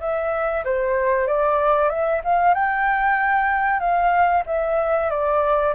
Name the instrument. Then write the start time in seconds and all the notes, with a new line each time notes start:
flute
0.00 E5
0.65 C5
1.27 D5
1.89 E5
2.24 F5
2.54 G5
3.79 F5
4.46 E5
5.10 D5